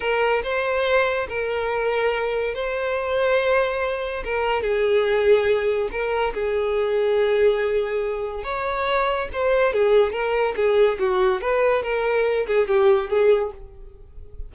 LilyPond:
\new Staff \with { instrumentName = "violin" } { \time 4/4 \tempo 4 = 142 ais'4 c''2 ais'4~ | ais'2 c''2~ | c''2 ais'4 gis'4~ | gis'2 ais'4 gis'4~ |
gis'1 | cis''2 c''4 gis'4 | ais'4 gis'4 fis'4 b'4 | ais'4. gis'8 g'4 gis'4 | }